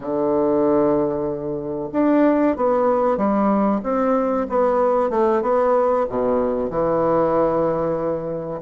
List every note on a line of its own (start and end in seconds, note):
0.00 1.89 D3
1.92 2.56 D4
2.56 3.17 B3
3.17 3.80 G3
3.83 4.47 C4
4.49 5.10 B3
5.10 5.42 A3
5.42 6.06 B3
6.09 6.69 B2
6.69 8.61 E3